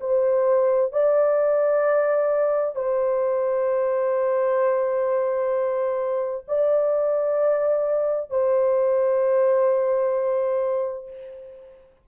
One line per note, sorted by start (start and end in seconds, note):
0.00 0.92 C5
0.92 2.75 D5
2.75 6.44 C5
6.47 8.30 D5
8.30 11.07 C5